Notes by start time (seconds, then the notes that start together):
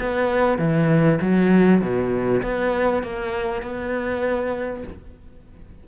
0.00 B3
0.58 E3
1.21 F#3
1.82 B2
2.42 B3
3.03 A#3
3.62 B3